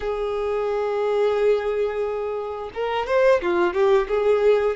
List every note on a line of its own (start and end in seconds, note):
0.00 2.70 G#4
2.74 3.07 A#4
3.07 3.41 C5
3.41 3.73 F4
3.73 4.07 G4
4.08 4.76 G#4